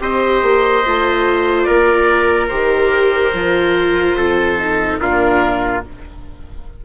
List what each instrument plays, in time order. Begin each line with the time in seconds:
0.00 bassoon C4, viola G4, trumpet C5, oboe D#5
0.43 bassoon A#3
0.86 bassoon A3, viola F4
1.63 bassoon A#3, trumpet A#4, oboe D5
2.49 bassoon D#3, viola G4, oboe C5
3.34 bassoon F3, viola F4
4.17 bassoon F2, trumpet A4
4.59 viola D#4
5.01 bassoon A#2, viola D4, trumpet F4, oboe A#4